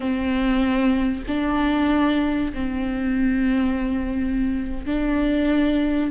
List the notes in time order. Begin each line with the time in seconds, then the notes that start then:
0.00 C4
1.27 D4
2.53 C4
4.86 D4